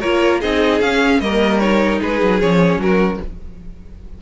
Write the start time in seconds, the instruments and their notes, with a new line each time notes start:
0.00 cello A#3, viola F4, violin A#4 C#5
0.40 cello C4, viola D#4, violin G#4 D#5
0.81 cello C#4, viola C#4, violin F5
1.20 cello G3, viola A#3, violin A#4 D#5
1.59 viola D#4, violin C#5
2.01 cello G#3, violin G#4 B4
2.22 cello F#3
2.40 cello F3, viola C#4, violin C#5
2.77 cello F#3, violin F#4 A#4